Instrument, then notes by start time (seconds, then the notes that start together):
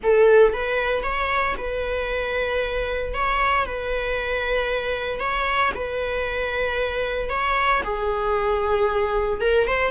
viola
0.03 A4
0.53 B4
1.03 C#5
1.57 B4
3.14 C#5
3.66 B4
5.20 C#5
5.74 B4
7.29 C#5
7.84 G#4
9.41 A#4
9.67 C5